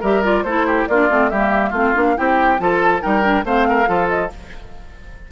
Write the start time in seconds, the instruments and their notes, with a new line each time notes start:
0.00 bassoon G3, clarinet G4, oboe A#4, flute E5
0.22 clarinet F4, flute D5
0.43 bassoon A3, clarinet E4, oboe A4, flute C5
0.66 oboe G4
0.86 bassoon A#3, clarinet D4, oboe F4, flute D5
1.09 bassoon A3, clarinet C4
1.29 bassoon G3, oboe G4, flute E5
1.35 clarinet A#3
1.69 bassoon A3, clarinet C4, oboe F4
1.76 flute F5
1.94 bassoon A#3, clarinet D4
2.16 bassoon C4, clarinet E4, oboe G4, flute G5
2.58 bassoon F3, clarinet F4, oboe A4, flute A5
3.00 bassoon G3, clarinet D#4, oboe A#4, flute G5
3.22 clarinet D4
3.44 bassoon A3, clarinet C4, oboe C5, flute F5
3.68 oboe A#4
3.86 bassoon F3, clarinet F4, oboe A4
4.08 flute D#5